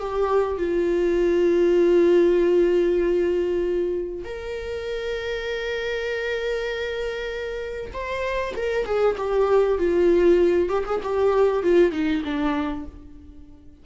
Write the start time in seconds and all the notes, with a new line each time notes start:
0.00 G4
0.58 F4
4.24 A#4
7.93 C5
8.56 A#4
8.86 G#4
9.17 G4
9.78 F4
10.69 G4
10.86 G#4
11.03 G4
11.63 F4
11.92 D#4
12.24 D4